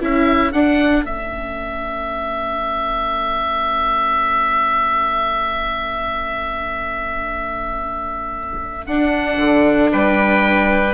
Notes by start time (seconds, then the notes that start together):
0.00 C#4 E4 A4 E5
0.52 D4 F#5
1.05 A3 C#4 E5
8.86 D4 F#5
9.37 D3
9.92 G3 B4 G5